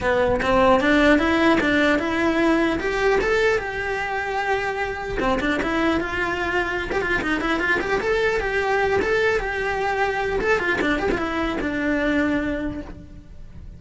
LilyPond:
\new Staff \with { instrumentName = "cello" } { \time 4/4 \tempo 4 = 150 b4 c'4 d'4 e'4 | d'4 e'2 g'4 | a'4 g'2.~ | g'4 c'8 d'8 e'4 f'4~ |
f'4~ f'16 g'16 f'8 dis'8 e'8 f'8 g'8 | a'4 g'4. a'4 g'8~ | g'2 a'8 f'8 d'8 g'16 f'16 | e'4 d'2. | }